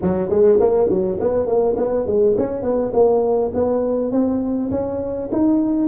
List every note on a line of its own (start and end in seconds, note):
0.02 0.29 F#3
0.29 0.59 G#3
0.59 0.89 A#3
0.89 1.18 F#3
1.20 1.46 B3
1.46 1.75 A#3
1.76 2.06 B3
2.06 2.36 G#3
2.37 2.62 C#4
2.62 2.91 B3
2.93 3.51 A#3
3.54 4.11 B3
4.11 4.70 C4
4.70 5.29 C#4
5.32 5.87 D#4